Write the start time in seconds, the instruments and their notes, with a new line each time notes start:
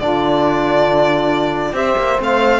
0.00 cello D3, trombone D4, saxophone F4, violin D5
1.73 cello C4, trombone G4, saxophone C5, violin E5
1.98 cello A#3
2.19 cello A3, trombone C4, violin F5